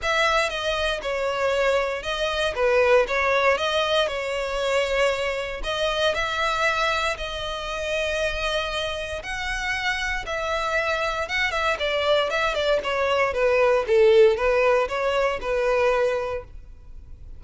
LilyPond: \new Staff \with { instrumentName = "violin" } { \time 4/4 \tempo 4 = 117 e''4 dis''4 cis''2 | dis''4 b'4 cis''4 dis''4 | cis''2. dis''4 | e''2 dis''2~ |
dis''2 fis''2 | e''2 fis''8 e''8 d''4 | e''8 d''8 cis''4 b'4 a'4 | b'4 cis''4 b'2 | }